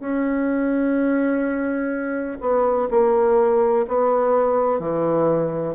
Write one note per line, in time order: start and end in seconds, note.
0.00 2.38 C#4
2.41 2.88 B3
2.91 3.86 A#3
3.88 4.80 B3
4.80 5.75 E3